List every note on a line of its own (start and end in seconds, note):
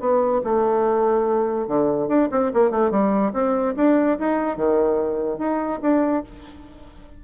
0.00 0.41 B3
0.44 1.68 A3
1.68 2.08 D3
2.08 2.29 D4
2.31 2.52 C4
2.53 2.71 A#3
2.71 2.91 A3
2.91 3.32 G3
3.33 3.74 C4
3.76 4.18 D4
4.19 4.56 D#4
4.56 5.38 D#3
5.38 5.80 D#4
5.82 6.23 D4